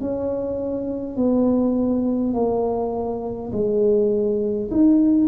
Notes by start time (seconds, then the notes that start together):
0.00 C#4
1.16 B3
2.33 A#3
3.52 G#3
4.71 D#4